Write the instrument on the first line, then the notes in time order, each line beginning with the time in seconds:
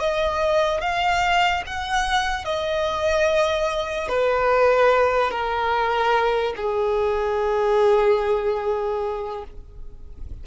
violin
0.00 D#5
0.81 F5
1.67 F#5
2.45 D#5
4.09 B4
5.31 A#4
6.57 G#4